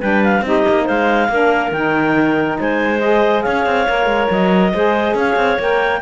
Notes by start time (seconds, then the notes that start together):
0.00 G3 D4 B4 G5
0.24 F5
0.42 C4 D#4 G4 D#5
0.69 A#3
0.84 G#3 C5 F5
1.29 A#3 D4 A#4
1.72 D#3 D#4 G5
2.60 G#3 C5 G#5
3.00 G#4 D#5
3.42 C#4 C#5 F5
3.66 C4
3.89 A#3 A#4
4.06 G#3
4.31 F#3 D#5
4.74 G#3 G#4 C5
5.15 C#4 C#5 F5
5.37 C4
5.59 A#3 A#4 G5